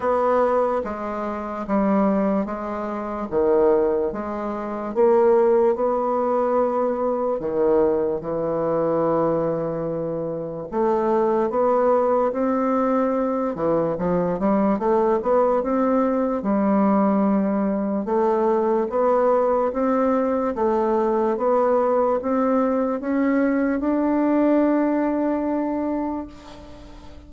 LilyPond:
\new Staff \with { instrumentName = "bassoon" } { \time 4/4 \tempo 4 = 73 b4 gis4 g4 gis4 | dis4 gis4 ais4 b4~ | b4 dis4 e2~ | e4 a4 b4 c'4~ |
c'8 e8 f8 g8 a8 b8 c'4 | g2 a4 b4 | c'4 a4 b4 c'4 | cis'4 d'2. | }